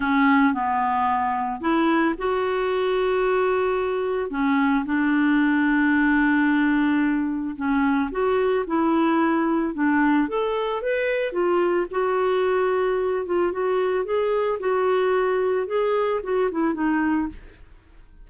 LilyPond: \new Staff \with { instrumentName = "clarinet" } { \time 4/4 \tempo 4 = 111 cis'4 b2 e'4 | fis'1 | cis'4 d'2.~ | d'2 cis'4 fis'4 |
e'2 d'4 a'4 | b'4 f'4 fis'2~ | fis'8 f'8 fis'4 gis'4 fis'4~ | fis'4 gis'4 fis'8 e'8 dis'4 | }